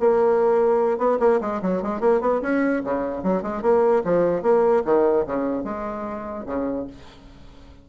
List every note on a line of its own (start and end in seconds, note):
0.00 0.98 A#3
0.98 1.18 B3
1.20 1.40 A#3
1.41 1.61 G#3
1.62 1.82 F#3
1.83 2.01 G#3
2.01 2.21 A#3
2.21 2.41 B3
2.42 2.82 C#4
2.84 3.23 C#3
3.23 3.43 F#3
3.43 3.62 G#3
3.62 4.03 A#3
4.05 4.43 F3
4.43 4.83 A#3
4.85 5.26 D#3
5.27 5.64 C#3
5.64 6.45 G#3
6.46 6.87 C#3